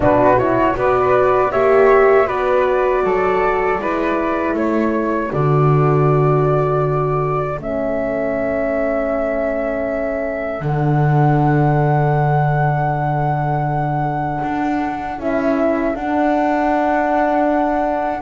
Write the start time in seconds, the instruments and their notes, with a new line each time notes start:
0.00 double bass B2, horn D4, flute F#4 B4
0.38 horn E4, flute C#5
0.73 double bass B3, horn F#4, flute B4 D5
1.51 double bass A#3, horn G4, flute C#5 E5
2.26 double bass B3, horn F#4, flute B4 D5
3.03 double bass F#3, flute A4
3.78 double bass G#3, horn E4, flute B4
4.53 double bass A3, flute A4 C#5
5.31 double bass D3, horn F#4, flute D5
7.57 double bass A3, horn C#4, flute E5
10.60 double bass D3, horn D4
10.66 flute F#5
14.43 double bass D4
15.17 double bass C#4, horn E4, flute E5
15.94 horn D4, double bass D4, flute F#5